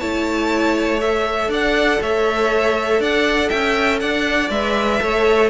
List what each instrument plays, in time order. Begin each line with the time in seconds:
0.00 cello A3, viola E4, violin C#5 A5
1.00 viola A4, violin E5
1.49 cello D4, violin D5 F#5
2.02 cello A3, violin C#5 E5
3.00 cello D4, violin D5 F#5
3.50 cello C#4, violin E5 G5
4.00 cello D4, violin D5 F#5
4.50 cello G#3, viola B4, violin E5
5.01 cello A3, viola A4, violin C#5